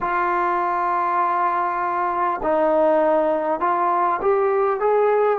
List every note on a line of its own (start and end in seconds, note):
0.00 2.40 F4
2.43 3.60 D#4
3.60 4.20 F4
4.21 4.79 G4
4.79 5.38 G#4